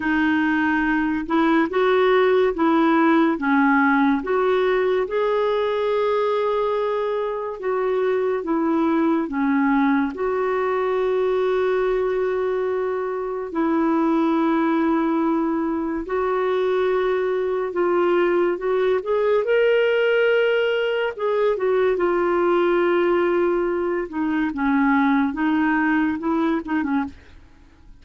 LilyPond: \new Staff \with { instrumentName = "clarinet" } { \time 4/4 \tempo 4 = 71 dis'4. e'8 fis'4 e'4 | cis'4 fis'4 gis'2~ | gis'4 fis'4 e'4 cis'4 | fis'1 |
e'2. fis'4~ | fis'4 f'4 fis'8 gis'8 ais'4~ | ais'4 gis'8 fis'8 f'2~ | f'8 dis'8 cis'4 dis'4 e'8 dis'16 cis'16 | }